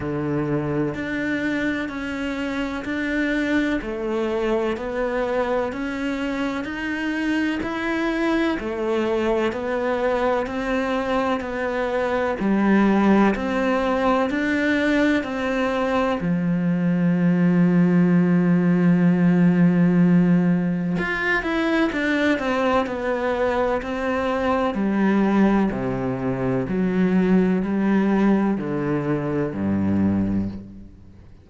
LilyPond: \new Staff \with { instrumentName = "cello" } { \time 4/4 \tempo 4 = 63 d4 d'4 cis'4 d'4 | a4 b4 cis'4 dis'4 | e'4 a4 b4 c'4 | b4 g4 c'4 d'4 |
c'4 f2.~ | f2 f'8 e'8 d'8 c'8 | b4 c'4 g4 c4 | fis4 g4 d4 g,4 | }